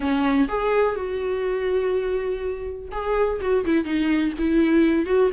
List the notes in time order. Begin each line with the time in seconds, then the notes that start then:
0.00 C#4
0.48 G#4
0.95 F#4
2.91 G#4
3.40 F#4
3.65 E4
3.84 D#4
4.38 E4
5.06 F#4